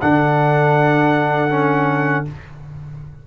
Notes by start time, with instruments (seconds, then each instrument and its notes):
0.00 tuba D3, trombone D4, horn A4, trumpet F#5
1.50 trombone C#4